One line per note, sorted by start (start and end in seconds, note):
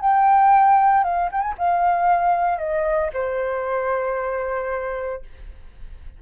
0.00 1.03 G5
1.03 1.29 F5
1.31 1.41 G5
1.41 1.54 G#5
1.58 2.58 F5
2.58 3.10 D#5
3.13 5.22 C5